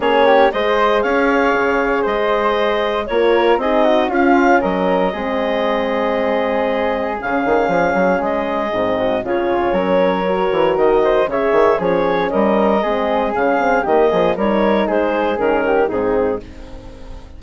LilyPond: <<
  \new Staff \with { instrumentName = "clarinet" } { \time 4/4 \tempo 4 = 117 cis''4 dis''4 f''2 | dis''2 cis''4 dis''4 | f''4 dis''2.~ | dis''2 f''2 |
dis''2 cis''2~ | cis''4 dis''4 e''4 cis''4 | dis''2 f''4 dis''4 | cis''4 c''4 ais'4 gis'4 | }
  \new Staff \with { instrumentName = "flute" } { \time 4/4 gis'8 g'8 c''4 cis''2 | c''2 ais'4 gis'8 fis'8 | f'4 ais'4 gis'2~ | gis'1~ |
gis'4. fis'8 f'4 ais'4~ | ais'4. c''8 cis''4 gis'4 | ais'4 gis'2 g'8 gis'8 | ais'4 gis'4. g'8 dis'4 | }
  \new Staff \with { instrumentName = "horn" } { \time 4/4 cis'4 gis'2.~ | gis'2 f'4 dis'4 | cis'2 c'2~ | c'2 cis'2~ |
cis'4 c'4 cis'2 | fis'2 gis'4 cis'4~ | cis'4 c'4 cis'8 c'8 ais4 | dis'2 cis'4 c'4 | }
  \new Staff \with { instrumentName = "bassoon" } { \time 4/4 ais4 gis4 cis'4 cis4 | gis2 ais4 c'4 | cis'4 fis4 gis2~ | gis2 cis8 dis8 f8 fis8 |
gis4 gis,4 cis4 fis4~ | fis8 e8 dis4 cis8 dis8 f4 | g4 gis4 cis4 dis8 f8 | g4 gis4 dis4 gis,4 | }
>>